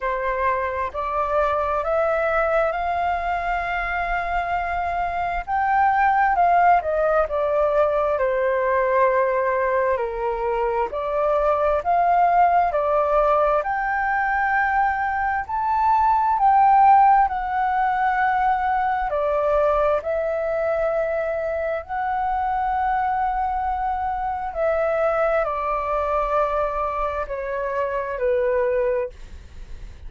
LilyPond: \new Staff \with { instrumentName = "flute" } { \time 4/4 \tempo 4 = 66 c''4 d''4 e''4 f''4~ | f''2 g''4 f''8 dis''8 | d''4 c''2 ais'4 | d''4 f''4 d''4 g''4~ |
g''4 a''4 g''4 fis''4~ | fis''4 d''4 e''2 | fis''2. e''4 | d''2 cis''4 b'4 | }